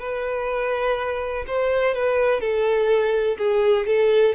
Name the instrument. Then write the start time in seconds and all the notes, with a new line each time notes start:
violin
0.00 B4
1.48 C5
1.95 B4
2.41 A4
3.38 G#4
3.87 A4